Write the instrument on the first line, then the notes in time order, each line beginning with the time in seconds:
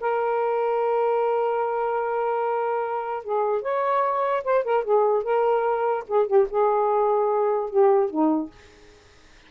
saxophone
0.00 A#4
3.23 G#4
3.62 C#5
4.44 C5
4.64 A#4
4.84 G#4
5.23 A#4
6.07 G#4
6.27 G4
6.50 G#4
7.70 G4
8.10 D#4